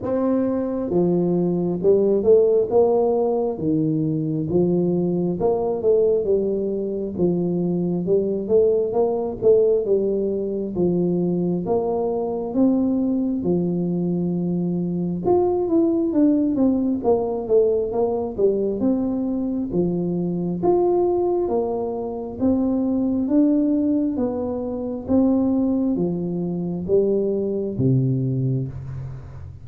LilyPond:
\new Staff \with { instrumentName = "tuba" } { \time 4/4 \tempo 4 = 67 c'4 f4 g8 a8 ais4 | dis4 f4 ais8 a8 g4 | f4 g8 a8 ais8 a8 g4 | f4 ais4 c'4 f4~ |
f4 f'8 e'8 d'8 c'8 ais8 a8 | ais8 g8 c'4 f4 f'4 | ais4 c'4 d'4 b4 | c'4 f4 g4 c4 | }